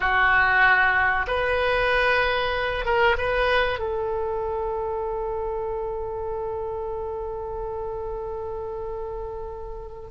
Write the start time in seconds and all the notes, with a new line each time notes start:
0.00 F#4
1.27 B4
2.84 A#4
3.18 B4
3.79 A4